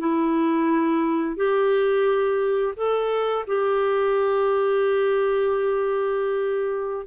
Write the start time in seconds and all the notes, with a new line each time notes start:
0.00 E4
1.37 G4
2.76 A4
3.48 G4